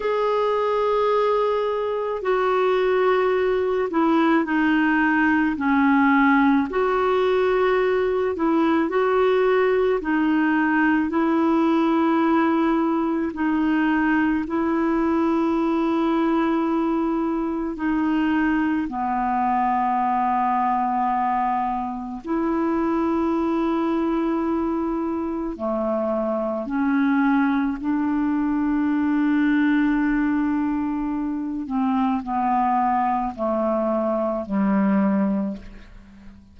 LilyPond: \new Staff \with { instrumentName = "clarinet" } { \time 4/4 \tempo 4 = 54 gis'2 fis'4. e'8 | dis'4 cis'4 fis'4. e'8 | fis'4 dis'4 e'2 | dis'4 e'2. |
dis'4 b2. | e'2. a4 | cis'4 d'2.~ | d'8 c'8 b4 a4 g4 | }